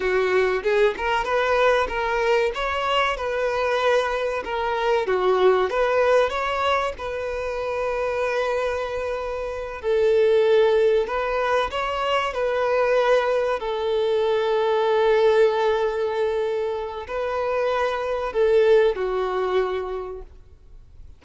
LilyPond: \new Staff \with { instrumentName = "violin" } { \time 4/4 \tempo 4 = 95 fis'4 gis'8 ais'8 b'4 ais'4 | cis''4 b'2 ais'4 | fis'4 b'4 cis''4 b'4~ | b'2.~ b'8 a'8~ |
a'4. b'4 cis''4 b'8~ | b'4. a'2~ a'8~ | a'2. b'4~ | b'4 a'4 fis'2 | }